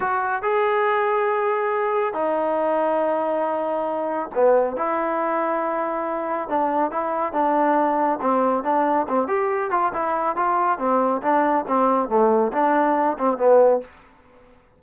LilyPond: \new Staff \with { instrumentName = "trombone" } { \time 4/4 \tempo 4 = 139 fis'4 gis'2.~ | gis'4 dis'2.~ | dis'2 b4 e'4~ | e'2. d'4 |
e'4 d'2 c'4 | d'4 c'8 g'4 f'8 e'4 | f'4 c'4 d'4 c'4 | a4 d'4. c'8 b4 | }